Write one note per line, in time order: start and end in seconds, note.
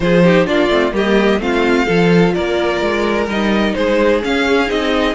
0.00 0.47 F3
0.00 0.23 F4
0.00 0.23 G#4
0.00 0.46 C5
0.23 0.45 D#4
0.23 0.46 G4
0.45 0.68 A#3
0.45 0.69 D4
0.45 0.93 F4
0.45 0.93 D5
0.68 0.92 A3
0.68 0.92 C4
0.92 1.39 G3
0.92 1.39 A#3
0.92 1.41 G4
0.92 1.41 D#5
1.39 1.86 A3
1.39 1.86 C4
1.39 1.85 F4
1.39 2.34 F5
1.85 2.35 F3
1.85 3.26 F4
1.85 2.32 A4
2.34 2.81 A#3
2.34 3.75 A#4
2.34 3.27 D5
2.81 3.27 G#3
3.27 3.74 G3
3.27 4.22 D#4
3.27 3.74 D#5
3.74 4.23 G#3
3.74 5.14 G#4
3.74 4.21 C5
4.22 4.66 C#4
4.22 4.69 C#4
4.22 4.70 F5
4.66 5.14 C4
4.66 5.13 D#4
4.66 5.14 D#5